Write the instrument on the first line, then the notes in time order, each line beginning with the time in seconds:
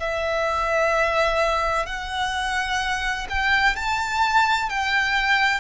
violin
0.00 E5
1.86 F#5
3.30 G5
3.76 A5
4.70 G5